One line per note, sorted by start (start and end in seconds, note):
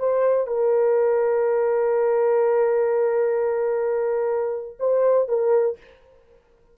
0.00 0.47 C5
0.47 4.78 A#4
4.80 5.29 C5
5.29 5.78 A#4